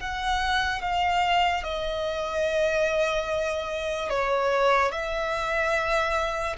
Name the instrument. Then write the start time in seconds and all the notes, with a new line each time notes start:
violin
0.00 F#5
0.81 F5
1.64 D#5
4.09 C#5
4.91 E5